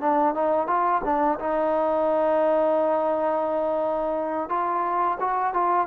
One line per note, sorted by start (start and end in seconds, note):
0.00 0.34 D4
0.34 0.67 D#4
0.67 1.01 F4
1.04 1.39 D4
1.39 4.49 D#4
4.49 5.18 F4
5.19 5.53 F#4
5.53 5.87 F4